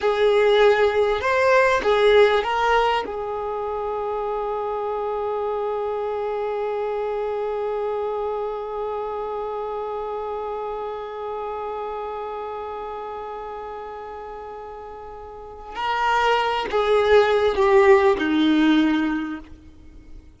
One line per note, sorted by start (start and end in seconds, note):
0.00 1.20 G#4
1.20 1.81 C5
1.83 2.43 G#4
2.43 3.04 A#4
3.06 15.75 G#4
15.75 16.66 A#4
16.71 17.55 G#4
17.55 18.16 G4
18.18 19.39 D#4